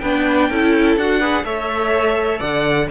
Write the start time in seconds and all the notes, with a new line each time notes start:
0.00 B3 D4 B4 G5
0.50 C#4 E4 A4
0.97 D4 F#4 F#5
1.20 G#4 B4
1.44 A3 A4 C#5 E5
2.40 D3 D5 F#5